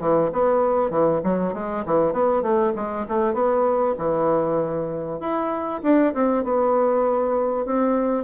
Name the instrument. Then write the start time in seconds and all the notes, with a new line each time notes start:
bassoon
0.00 E3
0.32 B3
0.90 E3
1.24 F#3
1.54 G#3
1.85 E3
2.13 B3
2.42 A3
2.76 G#3
3.08 A3
3.34 B3
3.98 E3
5.20 E4
5.83 D4
6.14 C4
6.44 B3
7.65 C4